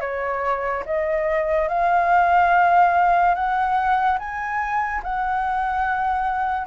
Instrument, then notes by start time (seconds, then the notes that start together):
flute
0.00 C#5
0.86 D#5
1.68 F5
3.34 F#5
4.19 G#5
5.03 F#5